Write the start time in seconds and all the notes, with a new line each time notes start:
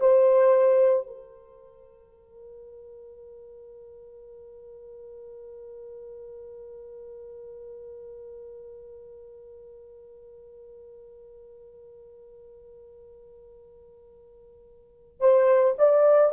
0.00 C5
1.07 A#4
15.20 C5
15.78 D5